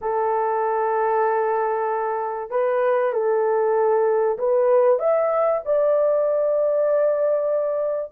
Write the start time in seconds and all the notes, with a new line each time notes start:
0.01 A4
2.50 B4
3.12 A4
4.38 B4
4.99 E5
5.65 D5